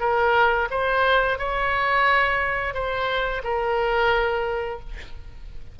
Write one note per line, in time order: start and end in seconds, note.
0.00 0.68 A#4
0.70 1.38 C5
1.38 2.74 C#5
2.74 3.42 C5
3.43 4.80 A#4